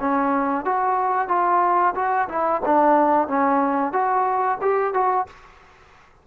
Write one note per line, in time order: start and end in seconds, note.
0.00 0.65 C#4
0.65 1.28 F#4
1.28 1.94 F4
1.95 2.28 F#4
2.29 2.62 E4
2.66 3.28 D4
3.28 3.93 C#4
3.93 4.59 F#4
4.61 4.94 G4
4.94 5.27 F#4